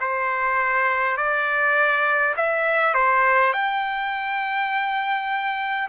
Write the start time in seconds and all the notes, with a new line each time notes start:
0.00 C5
1.17 D5
2.36 E5
2.94 C5
3.53 G5